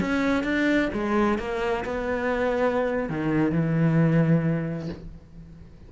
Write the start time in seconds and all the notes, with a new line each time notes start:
0.00 C#4
0.43 D4
0.93 G#3
1.38 A#3
1.84 B3
3.09 D#3
3.51 E3